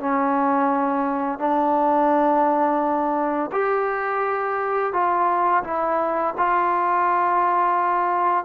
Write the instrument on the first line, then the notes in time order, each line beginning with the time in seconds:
trombone
0.00 C#4
1.39 D4
3.52 G4
4.93 F4
5.64 E4
6.38 F4